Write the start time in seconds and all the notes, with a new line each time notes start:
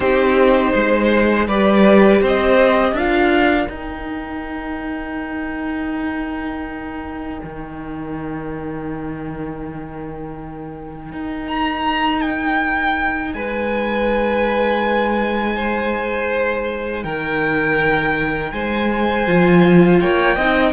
0.00 C4 D#4 G4 C5
0.73 G#3 C5
1.47 G3 G4 B4 D5
2.21 C4 C5 D#5
2.92 D4 F4 A#4 F5
3.67 D#4 G5
7.43 D#3
11.12 D#4
11.47 A#5
12.21 G5
13.33 G#3 B4 G#5
15.55 C5
17.02 D#3 A#4 G5
18.51 G#3 C5 G#5
19.27 F3 F4
20.00 A#3 C#5 G5
20.35 C4 D#4 D#5